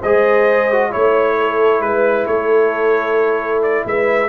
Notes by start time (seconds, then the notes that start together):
0.00 G#3 G#4 C5 D#5
0.72 F#4
0.90 A3 E4 C#5
1.39 A4
1.80 G#3 B4
2.26 A3 A4 C#5
3.62 D5
3.85 G#3 B4 E5